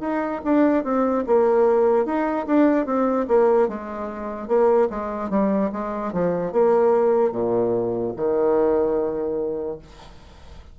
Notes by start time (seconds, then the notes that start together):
0.00 D#4
0.43 D4
0.83 C4
1.26 A#3
2.05 D#4
2.46 D4
2.85 C4
3.27 A#3
3.68 G#3
4.47 A#3
4.89 G#3
5.30 G3
5.72 G#3
6.12 F3
6.52 A#3
7.31 A#2
8.16 D#3